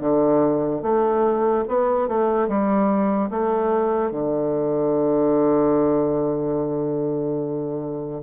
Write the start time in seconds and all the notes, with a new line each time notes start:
0.00 D3
0.82 A3
1.68 B3
2.08 A3
2.48 G3
3.30 A3
4.11 D3